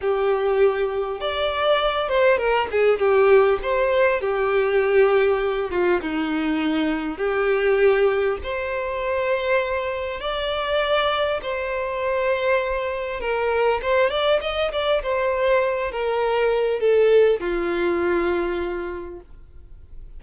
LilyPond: \new Staff \with { instrumentName = "violin" } { \time 4/4 \tempo 4 = 100 g'2 d''4. c''8 | ais'8 gis'8 g'4 c''4 g'4~ | g'4. f'8 dis'2 | g'2 c''2~ |
c''4 d''2 c''4~ | c''2 ais'4 c''8 d''8 | dis''8 d''8 c''4. ais'4. | a'4 f'2. | }